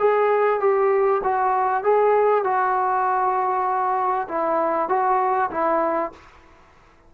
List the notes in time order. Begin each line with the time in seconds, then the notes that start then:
0.00 G#4
0.61 G4
1.24 F#4
1.84 G#4
2.45 F#4
4.29 E4
4.89 F#4
5.51 E4